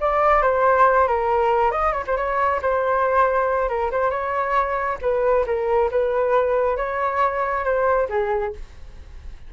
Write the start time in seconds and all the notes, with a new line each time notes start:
0.00 D5
0.42 C5
1.07 A#4
1.71 D#5
1.92 C#5
2.07 C5
2.16 C#5
2.62 C5
3.69 A#4
3.91 C5
4.10 C#5
5.01 B4
5.46 A#4
5.91 B4
6.76 C#5
7.64 C5
8.09 G#4